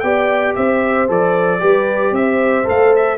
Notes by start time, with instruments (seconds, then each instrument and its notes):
0.00 tuba B3, trombone G4, horn D5, trumpet G5
0.55 tuba C4, horn C5, trumpet E5
1.08 tuba F3, trombone A4, trumpet D5
1.60 tuba G3, trombone G4, horn B4
2.11 tuba C4, horn C5, trumpet E5
2.64 tuba A3, trombone A4, trumpet F5
2.96 trumpet E5